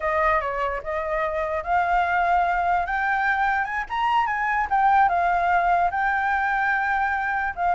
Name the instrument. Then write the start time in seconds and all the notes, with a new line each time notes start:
flute
0.00 D#5
0.40 C#5
0.83 D#5
1.63 F5
2.86 G5
3.64 G#5
3.89 A#5
4.26 G#5
4.70 G5
5.08 F5
5.91 G5
7.55 F5